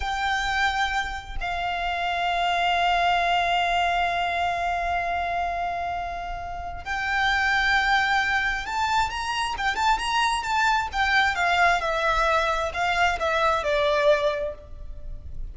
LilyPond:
\new Staff \with { instrumentName = "violin" } { \time 4/4 \tempo 4 = 132 g''2. f''4~ | f''1~ | f''1~ | f''2. g''4~ |
g''2. a''4 | ais''4 g''8 a''8 ais''4 a''4 | g''4 f''4 e''2 | f''4 e''4 d''2 | }